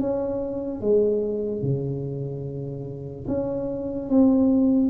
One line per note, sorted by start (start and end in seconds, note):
0.00 0.81 C#4
0.81 1.62 G#3
1.62 3.27 C#3
3.27 4.09 C#4
4.09 4.90 C4